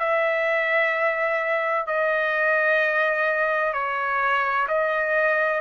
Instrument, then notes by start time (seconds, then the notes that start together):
trumpet
0.00 E5
1.87 D#5
3.74 C#5
4.68 D#5